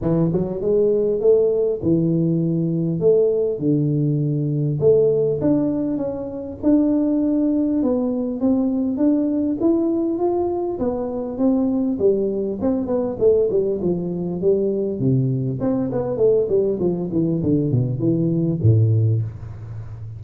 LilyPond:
\new Staff \with { instrumentName = "tuba" } { \time 4/4 \tempo 4 = 100 e8 fis8 gis4 a4 e4~ | e4 a4 d2 | a4 d'4 cis'4 d'4~ | d'4 b4 c'4 d'4 |
e'4 f'4 b4 c'4 | g4 c'8 b8 a8 g8 f4 | g4 c4 c'8 b8 a8 g8 | f8 e8 d8 b,8 e4 a,4 | }